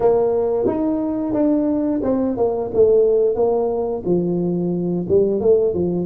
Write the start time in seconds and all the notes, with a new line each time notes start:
0.00 A#3
0.66 D#4
1.33 D4
2.03 C4
2.37 A#3
2.73 A3
3.35 A#3
4.05 F3
5.08 G3
5.40 A3
5.74 F3